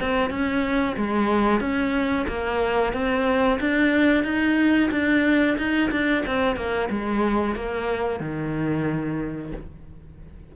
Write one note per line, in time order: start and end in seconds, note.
0.00 0.30 C4
0.30 0.96 C#4
0.96 1.60 G#3
1.60 2.26 C#4
2.27 2.93 A#3
2.93 3.59 C4
3.60 4.23 D4
4.23 4.89 D#4
4.91 5.57 D4
5.57 5.90 D#4
5.91 6.24 D4
6.26 6.56 C4
6.56 6.89 A#3
6.90 7.55 G#3
7.55 8.20 A#3
8.20 9.52 D#3